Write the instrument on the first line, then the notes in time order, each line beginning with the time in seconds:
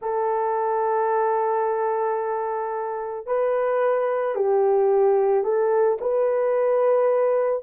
horn
0.01 A4
3.26 B4
4.35 G4
5.44 A4
6.00 B4